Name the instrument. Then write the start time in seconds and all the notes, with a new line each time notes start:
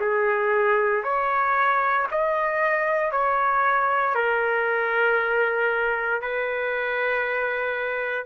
trumpet
0.00 G#4
1.03 C#5
2.11 D#5
3.12 C#5
4.15 A#4
6.22 B4